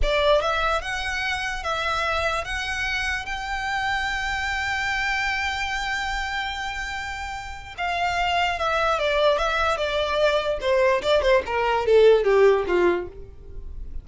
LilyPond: \new Staff \with { instrumentName = "violin" } { \time 4/4 \tempo 4 = 147 d''4 e''4 fis''2 | e''2 fis''2 | g''1~ | g''1~ |
g''2. f''4~ | f''4 e''4 d''4 e''4 | d''2 c''4 d''8 c''8 | ais'4 a'4 g'4 f'4 | }